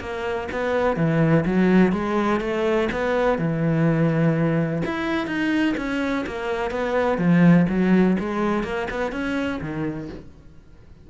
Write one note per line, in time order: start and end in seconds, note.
0.00 0.48 A#3
0.51 0.96 B3
0.96 1.44 E3
1.46 1.92 F#3
1.92 2.40 G#3
2.41 2.89 A3
2.92 3.38 B3
3.38 4.82 E3
4.85 5.27 E4
5.27 5.75 D#4
5.77 6.25 C#4
6.26 6.71 A#3
6.71 7.18 B3
7.18 7.66 F3
7.69 8.17 F#3
8.19 8.63 G#3
8.63 8.87 A#3
8.90 9.12 B3
9.12 9.60 C#4
9.61 10.09 D#3